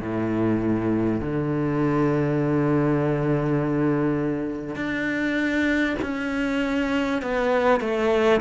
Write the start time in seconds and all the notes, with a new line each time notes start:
0.00 A2
1.20 D3
4.75 D4
6.02 C#4
7.22 B3
7.80 A3